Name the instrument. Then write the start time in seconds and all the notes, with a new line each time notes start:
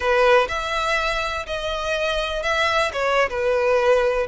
violin
0.00 B4
0.48 E5
1.46 D#5
2.43 E5
2.92 C#5
3.29 B4